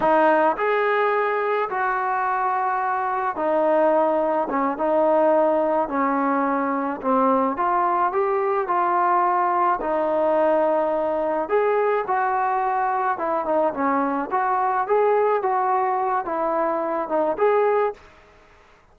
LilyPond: \new Staff \with { instrumentName = "trombone" } { \time 4/4 \tempo 4 = 107 dis'4 gis'2 fis'4~ | fis'2 dis'2 | cis'8 dis'2 cis'4.~ | cis'8 c'4 f'4 g'4 f'8~ |
f'4. dis'2~ dis'8~ | dis'8 gis'4 fis'2 e'8 | dis'8 cis'4 fis'4 gis'4 fis'8~ | fis'4 e'4. dis'8 gis'4 | }